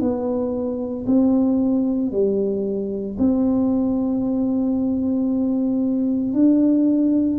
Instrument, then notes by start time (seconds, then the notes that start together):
tuba
0.00 B3
1.06 C4
2.11 G3
3.18 C4
6.33 D4